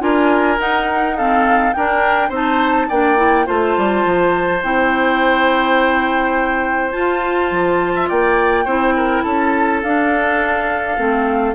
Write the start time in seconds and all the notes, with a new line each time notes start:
0.00 D4 F4 A#4 G#5
0.58 D#4 F#5
1.17 C4 A4 F5
1.73 D4 A#4 G5
2.29 C4 D#4 C5
2.35 A5
2.89 A#3 D4 D5 G5
3.17 E4
3.45 A3 F4 C5 A5
3.77 G3
4.05 F3
4.63 C4 E4 G5
6.92 F4 A5
7.52 F3
7.95 E5
8.09 A#3 D5 G5
8.65 C4 E4 C5
8.97 A#4
9.23 C#4 A4 A5
9.83 D4 F5
10.97 A3 C4